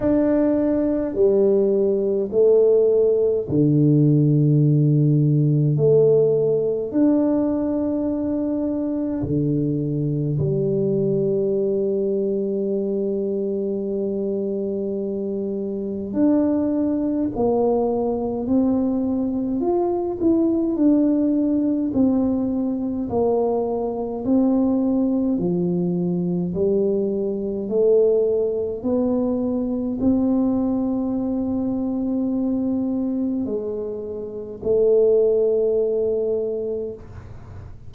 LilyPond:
\new Staff \with { instrumentName = "tuba" } { \time 4/4 \tempo 4 = 52 d'4 g4 a4 d4~ | d4 a4 d'2 | d4 g2.~ | g2 d'4 ais4 |
c'4 f'8 e'8 d'4 c'4 | ais4 c'4 f4 g4 | a4 b4 c'2~ | c'4 gis4 a2 | }